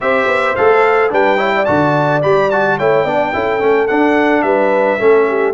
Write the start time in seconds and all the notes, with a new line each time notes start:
0.00 C4 G4 C5 E5
0.26 B3
0.55 A3 A4 F5
1.10 G3 D4 B4 G5
1.37 E4 C#5
1.55 D5
1.65 D3 F#4 A5
2.22 G3 G4 B5
2.50 F#4 A5
2.78 A3 E4 C#5 G5
3.04 B3 D4 D5
3.33 C#4 E4 A4
3.59 A3 C#4
3.87 D4 F#5
4.41 G3 B4 E5
4.98 A3 C#4 A4
5.28 G4